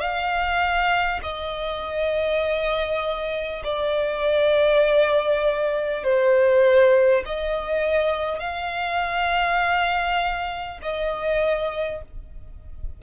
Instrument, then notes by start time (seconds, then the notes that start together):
violin
0.00 F5
1.23 D#5
3.64 D5
6.04 C5
7.26 D#5
8.39 F5
10.82 D#5